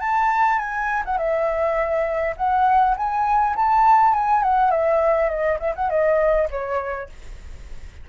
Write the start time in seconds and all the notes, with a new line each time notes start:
0.00 A5
0.59 G#5
1.05 F#5
1.18 E5
2.37 F#5
2.97 G#5
3.56 A5
4.14 G#5
4.43 F#5
4.71 E5
5.29 D#5
5.60 E5
5.76 F#5
5.90 D#5
6.51 C#5